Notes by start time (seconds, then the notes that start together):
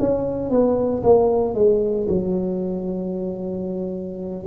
0.00 C#4
0.50 B3
1.04 A#3
1.55 G#3
2.09 F#3